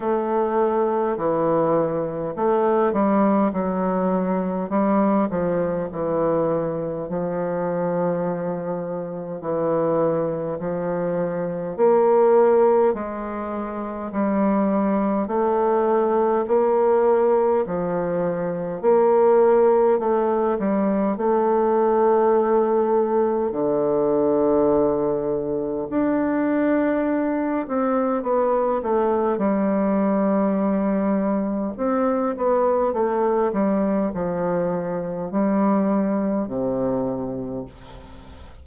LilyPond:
\new Staff \with { instrumentName = "bassoon" } { \time 4/4 \tempo 4 = 51 a4 e4 a8 g8 fis4 | g8 f8 e4 f2 | e4 f4 ais4 gis4 | g4 a4 ais4 f4 |
ais4 a8 g8 a2 | d2 d'4. c'8 | b8 a8 g2 c'8 b8 | a8 g8 f4 g4 c4 | }